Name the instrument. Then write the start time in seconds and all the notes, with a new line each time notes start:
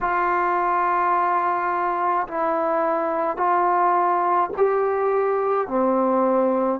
trombone
0.01 F4
2.27 E4
3.37 F4
4.56 G4
5.67 C4